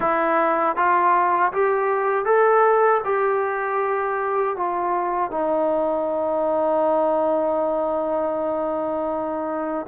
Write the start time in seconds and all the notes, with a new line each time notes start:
0.00 E4
0.76 F4
1.52 G4
2.25 A4
3.04 G4
4.56 F4
5.30 D#4